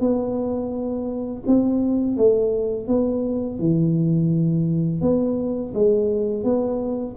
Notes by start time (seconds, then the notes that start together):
0.00 B3
1.46 C4
2.17 A3
2.87 B3
3.59 E3
5.01 B3
5.74 G#3
6.43 B3